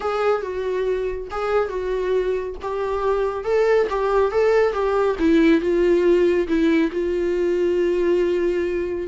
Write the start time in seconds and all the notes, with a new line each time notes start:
0.00 G#4
0.42 F#4
1.30 G#4
1.68 F#4
2.62 G4
3.44 A4
3.89 G4
4.31 A4
4.72 G4
5.19 E4
5.60 F4
6.47 E4
6.91 F4